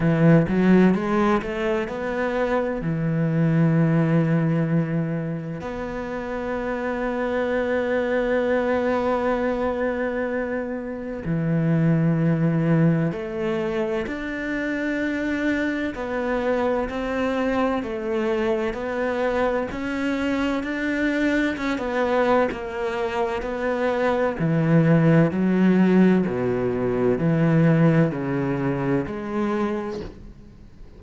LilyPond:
\new Staff \with { instrumentName = "cello" } { \time 4/4 \tempo 4 = 64 e8 fis8 gis8 a8 b4 e4~ | e2 b2~ | b1 | e2 a4 d'4~ |
d'4 b4 c'4 a4 | b4 cis'4 d'4 cis'16 b8. | ais4 b4 e4 fis4 | b,4 e4 cis4 gis4 | }